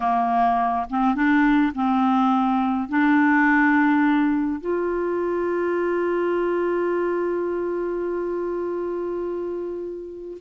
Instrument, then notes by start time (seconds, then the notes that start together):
clarinet
0.00 A#3
0.90 C4
1.15 D4
1.74 C4
2.88 D4
4.60 F4